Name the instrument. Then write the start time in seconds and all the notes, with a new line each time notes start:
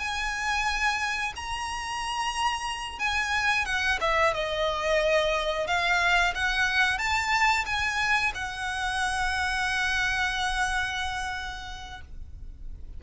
violin
0.00 G#5
1.36 A#5
2.99 G#5
3.66 F#5
4.01 E5
4.34 D#5
5.68 F5
6.35 F#5
6.99 A5
7.66 G#5
8.35 F#5